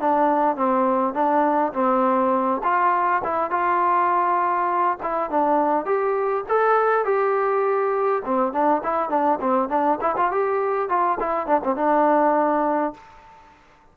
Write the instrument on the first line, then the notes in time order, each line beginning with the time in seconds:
trombone
0.00 D4
0.56 C4
1.13 D4
1.73 C4
2.63 F4
3.23 E4
3.50 F4
5.02 E4
5.30 D4
5.85 G4
6.48 A4
7.05 G4
8.25 C4
8.52 D4
8.83 E4
9.09 D4
9.40 C4
9.69 D4
10.01 E4
10.16 F4
10.31 G4
10.89 F4
11.19 E4
11.46 D4
11.63 C4
11.76 D4